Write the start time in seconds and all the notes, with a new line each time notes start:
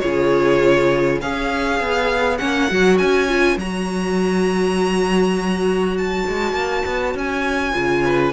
0.00 C#3 F4 G#4 C#5
1.22 C#4 G#4 C#5 F5
1.81 B3
2.38 A#3 C#4 F#5
2.70 F#3 F#4
2.98 C#4 G#5
3.29 F4
3.57 F#3 F#4 A#5
5.98 A5
6.28 G#3
6.53 A#3
6.86 B3
7.15 C#4 G#5
7.73 C#3 F4
8.05 B4